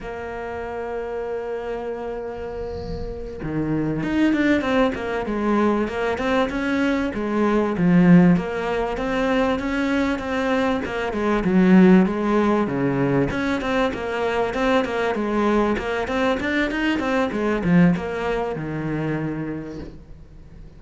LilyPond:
\new Staff \with { instrumentName = "cello" } { \time 4/4 \tempo 4 = 97 ais1~ | ais4. dis4 dis'8 d'8 c'8 | ais8 gis4 ais8 c'8 cis'4 gis8~ | gis8 f4 ais4 c'4 cis'8~ |
cis'8 c'4 ais8 gis8 fis4 gis8~ | gis8 cis4 cis'8 c'8 ais4 c'8 | ais8 gis4 ais8 c'8 d'8 dis'8 c'8 | gis8 f8 ais4 dis2 | }